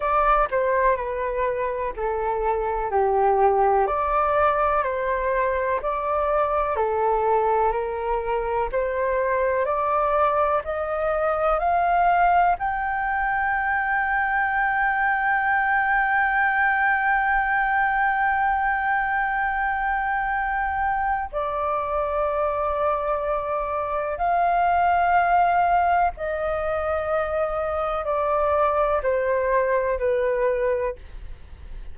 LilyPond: \new Staff \with { instrumentName = "flute" } { \time 4/4 \tempo 4 = 62 d''8 c''8 b'4 a'4 g'4 | d''4 c''4 d''4 a'4 | ais'4 c''4 d''4 dis''4 | f''4 g''2.~ |
g''1~ | g''2 d''2~ | d''4 f''2 dis''4~ | dis''4 d''4 c''4 b'4 | }